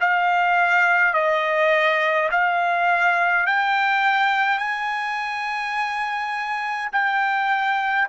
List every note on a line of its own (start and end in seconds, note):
0.00 1.13 F5
1.13 2.29 D#5
2.31 3.46 F5
3.46 4.58 G5
4.58 6.89 G#5
6.92 8.08 G5